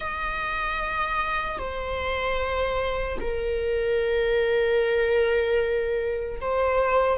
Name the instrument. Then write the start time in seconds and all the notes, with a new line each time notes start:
viola
0.00 D#5
1.58 C5
3.20 A#4
6.40 C5